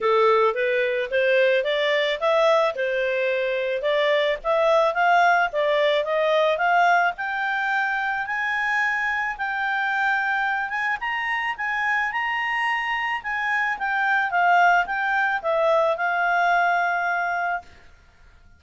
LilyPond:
\new Staff \with { instrumentName = "clarinet" } { \time 4/4 \tempo 4 = 109 a'4 b'4 c''4 d''4 | e''4 c''2 d''4 | e''4 f''4 d''4 dis''4 | f''4 g''2 gis''4~ |
gis''4 g''2~ g''8 gis''8 | ais''4 gis''4 ais''2 | gis''4 g''4 f''4 g''4 | e''4 f''2. | }